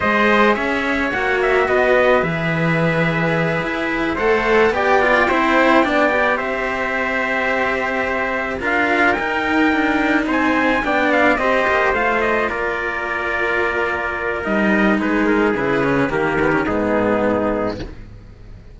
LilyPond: <<
  \new Staff \with { instrumentName = "trumpet" } { \time 4/4 \tempo 4 = 108 dis''4 e''4 fis''8 e''8 dis''4 | e''2.~ e''8 fis''8~ | fis''8 g''2. e''8~ | e''2.~ e''8 f''8~ |
f''8 g''2 gis''4 g''8 | f''8 dis''4 f''8 dis''8 d''4.~ | d''2 dis''4 b'8 ais'8 | b'4 ais'4 gis'2 | }
  \new Staff \with { instrumentName = "trumpet" } { \time 4/4 c''4 cis''2 b'4~ | b'2.~ b'8 c''8~ | c''8 d''4 c''4 d''4 c''8~ | c''2.~ c''8 ais'8~ |
ais'2~ ais'8 c''4 d''8~ | d''8 c''2 ais'4.~ | ais'2. gis'4~ | gis'4 g'4 dis'2 | }
  \new Staff \with { instrumentName = "cello" } { \time 4/4 gis'2 fis'2 | gis'2.~ gis'8 a'8~ | a'8 g'8 f'8 e'4 d'8 g'4~ | g'2.~ g'8 f'8~ |
f'8 dis'2. d'8~ | d'8 g'4 f'2~ f'8~ | f'2 dis'2 | e'8 cis'8 ais8 b16 cis'16 b2 | }
  \new Staff \with { instrumentName = "cello" } { \time 4/4 gis4 cis'4 ais4 b4 | e2~ e8 e'4 a8~ | a8 b4 c'4 b4 c'8~ | c'2.~ c'8 d'8~ |
d'8 dis'4 d'4 c'4 b8~ | b8 c'8 ais8 a4 ais4.~ | ais2 g4 gis4 | cis4 dis4 gis,2 | }
>>